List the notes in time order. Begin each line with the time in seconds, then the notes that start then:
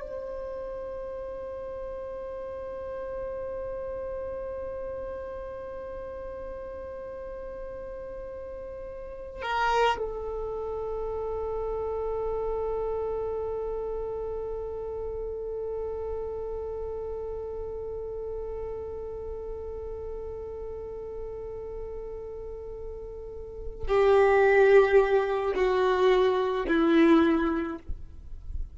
0.00 C5
9.42 A#4
9.98 A4
23.87 G4
25.55 F#4
26.67 E4